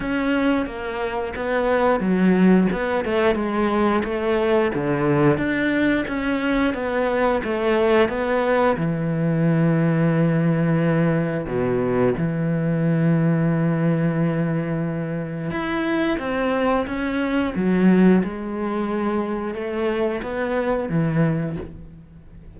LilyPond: \new Staff \with { instrumentName = "cello" } { \time 4/4 \tempo 4 = 89 cis'4 ais4 b4 fis4 | b8 a8 gis4 a4 d4 | d'4 cis'4 b4 a4 | b4 e2.~ |
e4 b,4 e2~ | e2. e'4 | c'4 cis'4 fis4 gis4~ | gis4 a4 b4 e4 | }